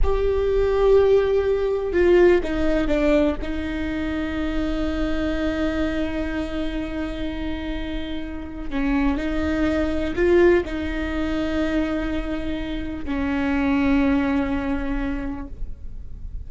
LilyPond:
\new Staff \with { instrumentName = "viola" } { \time 4/4 \tempo 4 = 124 g'1 | f'4 dis'4 d'4 dis'4~ | dis'1~ | dis'1~ |
dis'2 cis'4 dis'4~ | dis'4 f'4 dis'2~ | dis'2. cis'4~ | cis'1 | }